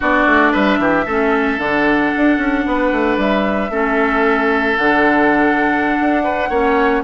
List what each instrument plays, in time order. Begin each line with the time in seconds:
0.00 bassoon B3, clarinet D4, oboe F#4, flute D5
0.26 bassoon A3
0.52 bassoon G3, oboe B4, flute E5
0.78 bassoon E3, oboe G4
1.05 bassoon A3, clarinet C#4, oboe A4
1.57 bassoon D3, clarinet D4, flute F#5
2.16 bassoon D4
2.37 bassoon C#4
2.66 bassoon B3, oboe B4
2.91 bassoon A3
3.17 bassoon G3, flute E5
3.69 bassoon A3, clarinet C#4, oboe A4
4.77 bassoon D3, clarinet D4, flute F#5
6.00 bassoon D4
6.23 oboe B4
6.49 bassoon A#3, clarinet C#4, oboe C#5